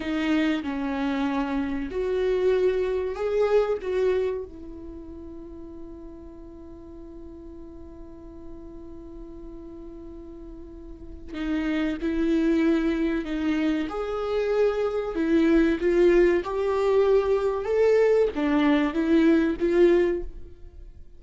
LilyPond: \new Staff \with { instrumentName = "viola" } { \time 4/4 \tempo 4 = 95 dis'4 cis'2 fis'4~ | fis'4 gis'4 fis'4 e'4~ | e'1~ | e'1~ |
e'2 dis'4 e'4~ | e'4 dis'4 gis'2 | e'4 f'4 g'2 | a'4 d'4 e'4 f'4 | }